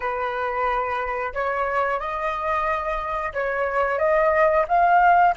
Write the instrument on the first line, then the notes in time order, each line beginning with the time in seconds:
flute
0.00 B4
1.33 C#5
1.99 D#5
3.33 C#5
3.98 D#5
4.68 F5